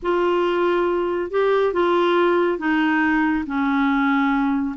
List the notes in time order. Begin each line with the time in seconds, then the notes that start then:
0.02 F4
1.30 G4
1.73 F4
2.58 D#4
3.46 C#4